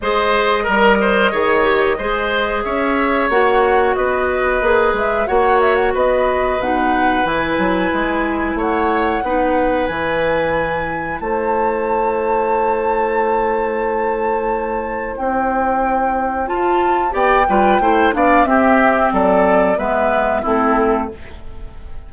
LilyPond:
<<
  \new Staff \with { instrumentName = "flute" } { \time 4/4 \tempo 4 = 91 dis''1 | e''4 fis''4 dis''4. e''8 | fis''8 e''16 fis''16 dis''4 fis''4 gis''4~ | gis''4 fis''2 gis''4~ |
gis''4 a''2.~ | a''2. g''4~ | g''4 a''4 g''4. f''8 | e''4 d''4 e''4 a'4 | }
  \new Staff \with { instrumentName = "oboe" } { \time 4/4 c''4 ais'8 c''8 cis''4 c''4 | cis''2 b'2 | cis''4 b'2.~ | b'4 cis''4 b'2~ |
b'4 c''2.~ | c''1~ | c''2 d''8 b'8 c''8 d''8 | g'4 a'4 b'4 e'4 | }
  \new Staff \with { instrumentName = "clarinet" } { \time 4/4 gis'4 ais'4 gis'8 g'8 gis'4~ | gis'4 fis'2 gis'4 | fis'2 dis'4 e'4~ | e'2 dis'4 e'4~ |
e'1~ | e'1~ | e'4 f'4 g'8 f'8 e'8 d'8 | c'2 b4 c'4 | }
  \new Staff \with { instrumentName = "bassoon" } { \time 4/4 gis4 g4 dis4 gis4 | cis'4 ais4 b4 ais8 gis8 | ais4 b4 b,4 e8 fis8 | gis4 a4 b4 e4~ |
e4 a2.~ | a2. c'4~ | c'4 f'4 b8 g8 a8 b8 | c'4 fis4 gis4 a4 | }
>>